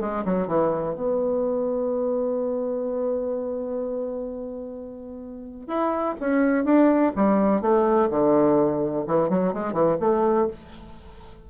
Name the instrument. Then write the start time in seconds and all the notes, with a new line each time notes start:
bassoon
0.00 G#3
0.25 F#3
0.47 E3
0.95 B3
5.67 E4
6.20 C#4
6.65 D4
7.16 G3
7.61 A3
8.10 D3
9.07 E3
9.29 F#3
9.53 G#3
9.73 E3
10.00 A3